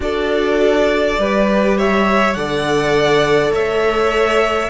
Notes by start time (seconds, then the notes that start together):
0.00 D4 F#4 A4 D5
1.18 G3 G4 B4
1.77 C#5 E5
2.34 D3 A4 D5 F#5
3.52 A3 C#5 E5